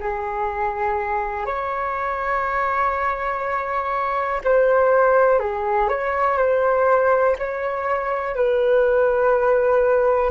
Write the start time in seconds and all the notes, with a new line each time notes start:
0.00 G#4
1.46 C#5
4.44 C5
5.39 G#4
5.89 C#5
6.38 C5
7.39 C#5
8.35 B4